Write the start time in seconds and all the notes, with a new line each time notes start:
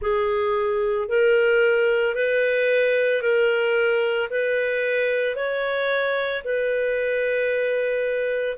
0.01 G#4
1.08 A#4
2.14 B4
3.21 A#4
4.30 B4
5.35 C#5
6.44 B4